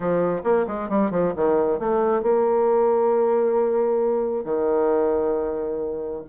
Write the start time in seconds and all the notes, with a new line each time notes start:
0.00 F3
0.43 A#3
0.67 G#3
0.89 G3
1.11 F3
1.36 D#3
1.79 A3
2.22 A#3
4.44 D#3